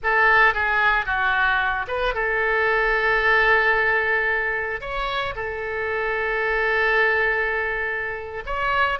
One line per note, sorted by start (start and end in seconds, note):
0.03 0.54 A4
0.54 1.05 G#4
1.05 1.86 F#4
1.87 2.14 B4
2.14 4.80 A4
4.80 5.34 C#5
5.35 8.43 A4
8.46 8.99 C#5